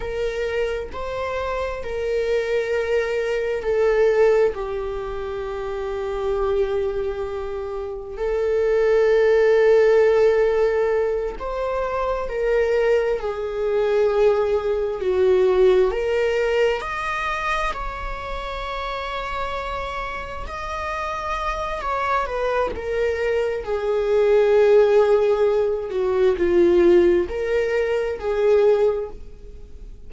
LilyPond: \new Staff \with { instrumentName = "viola" } { \time 4/4 \tempo 4 = 66 ais'4 c''4 ais'2 | a'4 g'2.~ | g'4 a'2.~ | a'8 c''4 ais'4 gis'4.~ |
gis'8 fis'4 ais'4 dis''4 cis''8~ | cis''2~ cis''8 dis''4. | cis''8 b'8 ais'4 gis'2~ | gis'8 fis'8 f'4 ais'4 gis'4 | }